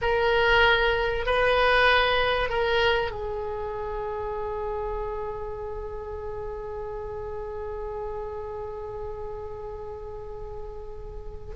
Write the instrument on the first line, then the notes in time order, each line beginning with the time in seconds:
oboe
0.01 A#4
1.26 B4
2.49 A#4
3.11 G#4